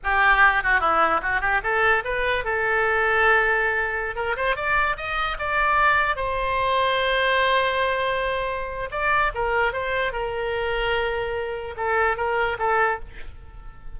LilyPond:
\new Staff \with { instrumentName = "oboe" } { \time 4/4 \tempo 4 = 148 g'4. fis'8 e'4 fis'8 g'8 | a'4 b'4 a'2~ | a'2~ a'16 ais'8 c''8 d''8.~ | d''16 dis''4 d''2 c''8.~ |
c''1~ | c''2 d''4 ais'4 | c''4 ais'2.~ | ais'4 a'4 ais'4 a'4 | }